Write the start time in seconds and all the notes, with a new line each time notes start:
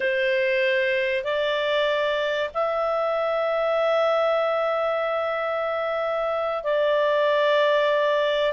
0.00 C5
1.24 D5
2.54 E5
6.63 D5